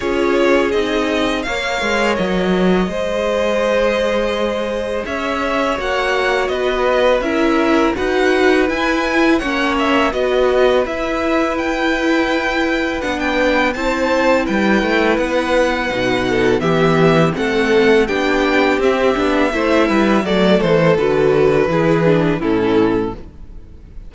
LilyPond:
<<
  \new Staff \with { instrumentName = "violin" } { \time 4/4 \tempo 4 = 83 cis''4 dis''4 f''4 dis''4~ | dis''2. e''4 | fis''4 dis''4 e''4 fis''4 | gis''4 fis''8 e''8 dis''4 e''4 |
g''2 fis''16 g''8. a''4 | g''4 fis''2 e''4 | fis''4 g''4 e''2 | d''8 c''8 b'2 a'4 | }
  \new Staff \with { instrumentName = "violin" } { \time 4/4 gis'2 cis''2 | c''2. cis''4~ | cis''4 b'4 ais'4 b'4~ | b'4 cis''4 b'2~ |
b'2. c''4 | b'2~ b'8 a'8 g'4 | a'4 g'2 c''8 b'8 | a'2 gis'4 e'4 | }
  \new Staff \with { instrumentName = "viola" } { \time 4/4 f'4 dis'4 ais'2 | gis'1 | fis'2 e'4 fis'4 | e'4 cis'4 fis'4 e'4~ |
e'2 d'4 e'4~ | e'2 dis'4 b4 | c'4 d'4 c'8 d'8 e'4 | a4 fis'4 e'8 d'8 cis'4 | }
  \new Staff \with { instrumentName = "cello" } { \time 4/4 cis'4 c'4 ais8 gis8 fis4 | gis2. cis'4 | ais4 b4 cis'4 dis'4 | e'4 ais4 b4 e'4~ |
e'2 b4 c'4 | g8 a8 b4 b,4 e4 | a4 b4 c'8 b8 a8 g8 | fis8 e8 d4 e4 a,4 | }
>>